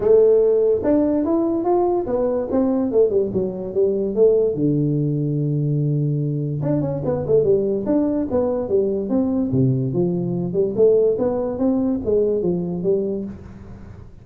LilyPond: \new Staff \with { instrumentName = "tuba" } { \time 4/4 \tempo 4 = 145 a2 d'4 e'4 | f'4 b4 c'4 a8 g8 | fis4 g4 a4 d4~ | d1 |
d'8 cis'8 b8 a8 g4 d'4 | b4 g4 c'4 c4 | f4. g8 a4 b4 | c'4 gis4 f4 g4 | }